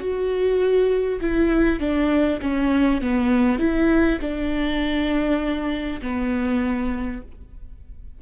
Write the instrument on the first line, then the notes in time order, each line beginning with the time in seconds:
viola
0.00 F#4
1.21 E4
1.79 D4
2.41 C#4
3.01 B3
3.59 E4
4.21 D4
6.02 B3